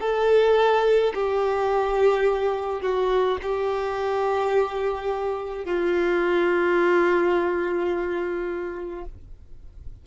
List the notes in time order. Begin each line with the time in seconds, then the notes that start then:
0.00 A4
1.14 G4
2.81 F#4
3.42 G4
5.64 F4